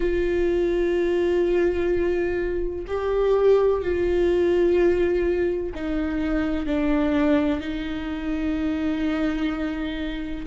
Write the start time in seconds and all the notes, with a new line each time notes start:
0.00 F4
2.87 G4
3.82 F4
5.74 D#4
6.66 D4
7.60 D#4